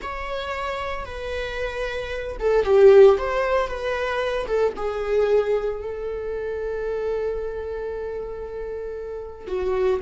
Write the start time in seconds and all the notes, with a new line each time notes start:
0.02 C#5
1.05 B4
2.39 A4
2.64 G4
3.17 C5
3.67 B4
4.46 A4
4.76 G#4
5.81 A4
9.47 F#4